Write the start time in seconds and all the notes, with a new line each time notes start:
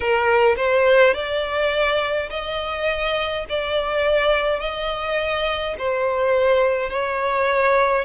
0.00 A#4
0.56 C5
1.14 D5
2.30 D#5
3.49 D5
4.59 D#5
5.78 C5
6.89 C#5